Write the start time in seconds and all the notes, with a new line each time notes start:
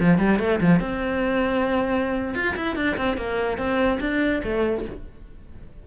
0.00 F3
0.19 G3
0.39 A3
0.61 F3
0.80 C4
2.35 F4
2.57 E4
2.76 D4
2.98 C4
3.17 A#3
3.58 C4
4.00 D4
4.44 A3